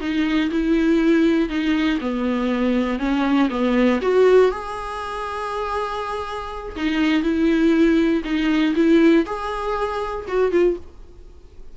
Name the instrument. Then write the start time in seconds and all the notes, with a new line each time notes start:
viola
0.00 D#4
0.50 E4
1.49 D#4
2.00 B3
2.99 C#4
3.50 B3
4.02 F#4
4.51 G#4
6.76 D#4
7.23 E4
8.24 D#4
8.75 E4
9.26 G#4
10.28 F#4
10.51 F4